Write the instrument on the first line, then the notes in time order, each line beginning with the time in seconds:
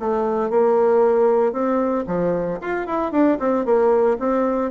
bassoon
0.00 A3
0.50 A#3
1.52 C4
2.07 F3
2.61 F4
2.86 E4
3.12 D4
3.40 C4
3.65 A#3
4.19 C4